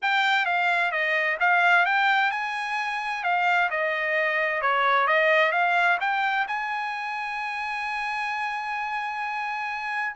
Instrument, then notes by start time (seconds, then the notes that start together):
trumpet
0.02 G5
0.45 F5
0.91 D#5
1.40 F5
1.85 G5
2.31 G#5
3.23 F5
3.70 D#5
4.61 C#5
5.07 D#5
5.52 F5
6.00 G5
6.47 G#5